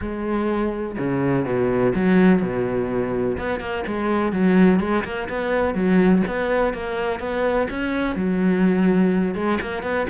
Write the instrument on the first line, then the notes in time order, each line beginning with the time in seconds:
cello
0.01 G#3
0.98 C#3
1.45 B2
1.94 F#3
2.41 B2
3.38 B3
3.60 A#3
3.86 G#3
4.32 F#3
4.80 G#3
5.04 A#3
5.29 B3
5.74 F#3
6.27 B3
6.73 A#3
7.19 B3
7.70 C#4
8.15 F#3
9.34 G#3
9.61 A#3
9.82 B3